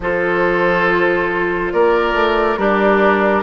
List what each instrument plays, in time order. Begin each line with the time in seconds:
0.00 bassoon F3, clarinet F4, oboe A4, flute C5
1.72 bassoon A#3, oboe A#4, flute D5
2.13 bassoon A3
2.57 bassoon G3, oboe D4, clarinet G4, flute A#4